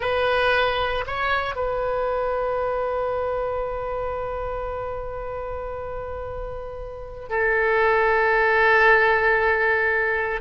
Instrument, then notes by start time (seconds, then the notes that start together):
oboe
0.00 B4
1.06 C#5
1.55 B4
7.29 A4